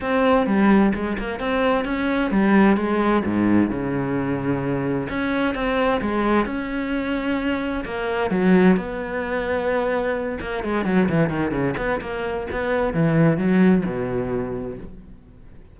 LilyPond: \new Staff \with { instrumentName = "cello" } { \time 4/4 \tempo 4 = 130 c'4 g4 gis8 ais8 c'4 | cis'4 g4 gis4 gis,4 | cis2. cis'4 | c'4 gis4 cis'2~ |
cis'4 ais4 fis4 b4~ | b2~ b8 ais8 gis8 fis8 | e8 dis8 cis8 b8 ais4 b4 | e4 fis4 b,2 | }